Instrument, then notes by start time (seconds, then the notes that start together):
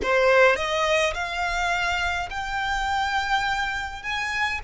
violin
0.02 C5
0.55 D#5
1.14 F5
2.30 G5
4.02 G#5